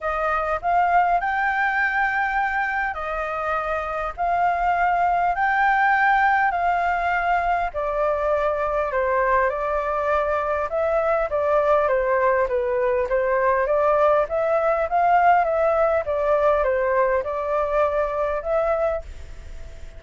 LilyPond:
\new Staff \with { instrumentName = "flute" } { \time 4/4 \tempo 4 = 101 dis''4 f''4 g''2~ | g''4 dis''2 f''4~ | f''4 g''2 f''4~ | f''4 d''2 c''4 |
d''2 e''4 d''4 | c''4 b'4 c''4 d''4 | e''4 f''4 e''4 d''4 | c''4 d''2 e''4 | }